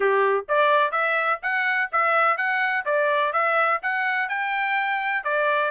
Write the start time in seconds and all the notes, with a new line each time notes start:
0.00 G4
0.48 D5
0.91 E5
1.42 F#5
1.92 E5
2.37 F#5
2.85 D5
3.32 E5
3.82 F#5
4.28 G5
5.24 D5